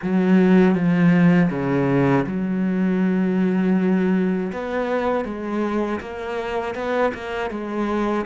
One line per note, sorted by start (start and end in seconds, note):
0.02 0.74 F#3
0.74 1.49 F3
1.50 2.25 C#3
2.27 4.52 F#3
4.52 5.25 B3
5.25 6.00 G#3
6.00 6.74 A#3
6.74 7.12 B3
7.14 7.50 A#3
7.50 8.25 G#3